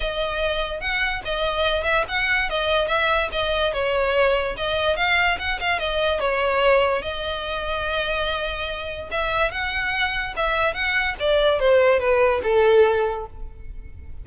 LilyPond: \new Staff \with { instrumentName = "violin" } { \time 4/4 \tempo 4 = 145 dis''2 fis''4 dis''4~ | dis''8 e''8 fis''4 dis''4 e''4 | dis''4 cis''2 dis''4 | f''4 fis''8 f''8 dis''4 cis''4~ |
cis''4 dis''2.~ | dis''2 e''4 fis''4~ | fis''4 e''4 fis''4 d''4 | c''4 b'4 a'2 | }